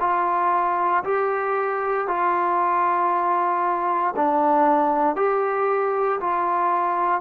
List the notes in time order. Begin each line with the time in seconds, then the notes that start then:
0.00 F4
1.04 G4
2.08 F4
4.16 D4
5.16 G4
6.20 F4